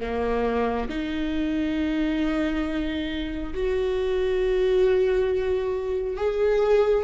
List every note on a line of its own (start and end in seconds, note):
0.00 0.88 A#3
0.89 3.53 D#4
3.54 6.16 F#4
6.16 7.04 G#4